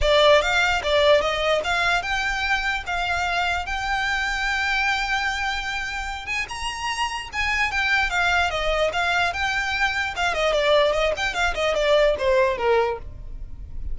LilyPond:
\new Staff \with { instrumentName = "violin" } { \time 4/4 \tempo 4 = 148 d''4 f''4 d''4 dis''4 | f''4 g''2 f''4~ | f''4 g''2.~ | g''2.~ g''8 gis''8 |
ais''2 gis''4 g''4 | f''4 dis''4 f''4 g''4~ | g''4 f''8 dis''8 d''4 dis''8 g''8 | f''8 dis''8 d''4 c''4 ais'4 | }